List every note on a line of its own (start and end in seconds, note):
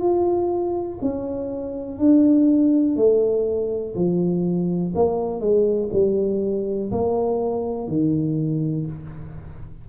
0.00 0.98 F4
1.01 1.99 C#4
1.99 2.96 D4
2.96 3.95 A3
3.95 4.94 F3
4.95 5.40 A#3
5.40 5.89 G#3
5.92 6.91 G3
6.91 7.88 A#3
7.88 8.87 D#3